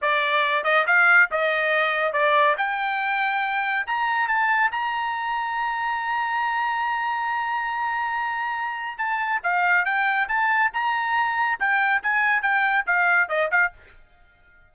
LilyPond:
\new Staff \with { instrumentName = "trumpet" } { \time 4/4 \tempo 4 = 140 d''4. dis''8 f''4 dis''4~ | dis''4 d''4 g''2~ | g''4 ais''4 a''4 ais''4~ | ais''1~ |
ais''1~ | ais''4 a''4 f''4 g''4 | a''4 ais''2 g''4 | gis''4 g''4 f''4 dis''8 f''8 | }